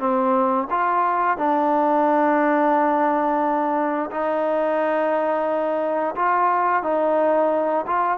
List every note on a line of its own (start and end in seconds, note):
0.00 0.68 C4
0.71 1.38 F4
1.38 4.11 D4
4.11 6.15 D#4
6.16 6.83 F4
6.83 7.86 D#4
7.87 8.18 F4